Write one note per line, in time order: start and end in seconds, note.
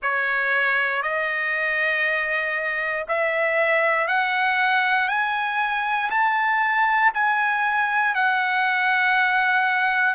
0.02 1.02 C#5
1.02 3.06 D#5
3.07 4.07 E5
4.07 5.08 F#5
5.08 6.10 G#5
6.10 7.12 A5
7.14 8.14 G#5
8.14 10.14 F#5